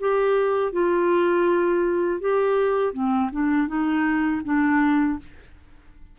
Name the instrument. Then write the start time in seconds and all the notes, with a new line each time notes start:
clarinet
0.00 G4
0.72 F4
2.21 G4
2.93 C4
3.32 D4
3.68 D#4
4.45 D4